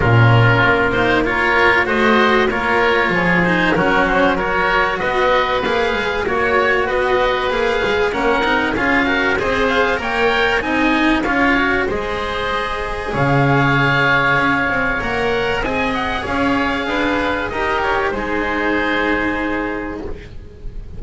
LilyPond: <<
  \new Staff \with { instrumentName = "oboe" } { \time 4/4 \tempo 4 = 96 ais'4. c''8 cis''4 dis''4 | cis''4. c''8 ais'8 c''8 cis''4 | dis''4 f''4 cis''4 dis''4 | f''4 fis''4 f''4 dis''8 f''8 |
g''4 gis''4 f''4 dis''4~ | dis''4 f''2. | fis''4 gis''8 fis''8 f''2 | dis''8 cis''8 c''2. | }
  \new Staff \with { instrumentName = "oboe" } { \time 4/4 f'2 ais'4 c''4 | ais'4 gis'4 fis'4 ais'4 | b'2 cis''4 b'4~ | b'4 ais'4 gis'8 ais'8 c''4 |
cis''4 dis''4 cis''4 c''4~ | c''4 cis''2.~ | cis''4 dis''4 cis''4 b'4 | ais'4 gis'2. | }
  \new Staff \with { instrumentName = "cello" } { \time 4/4 cis'4. dis'8 f'4 fis'4 | f'4. dis'8 cis'4 fis'4~ | fis'4 gis'4 fis'2 | gis'4 cis'8 dis'8 f'8 fis'8 gis'4 |
ais'4 dis'4 f'8 fis'8 gis'4~ | gis'1 | ais'4 gis'2. | g'4 dis'2. | }
  \new Staff \with { instrumentName = "double bass" } { \time 4/4 ais,4 ais2 a4 | ais4 f4 fis2 | b4 ais8 gis8 ais4 b4 | ais8 gis8 ais8 c'8 cis'4 c'4 |
ais4 c'4 cis'4 gis4~ | gis4 cis2 cis'8 c'8 | ais4 c'4 cis'4 d'4 | dis'4 gis2. | }
>>